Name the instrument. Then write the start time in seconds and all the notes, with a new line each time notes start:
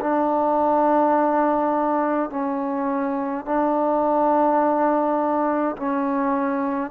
trombone
0.00 D4
2.30 C#4
3.45 D4
5.76 C#4